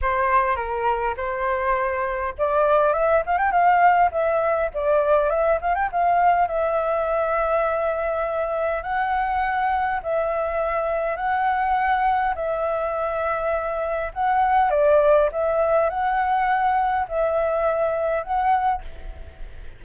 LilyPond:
\new Staff \with { instrumentName = "flute" } { \time 4/4 \tempo 4 = 102 c''4 ais'4 c''2 | d''4 e''8 f''16 g''16 f''4 e''4 | d''4 e''8 f''16 g''16 f''4 e''4~ | e''2. fis''4~ |
fis''4 e''2 fis''4~ | fis''4 e''2. | fis''4 d''4 e''4 fis''4~ | fis''4 e''2 fis''4 | }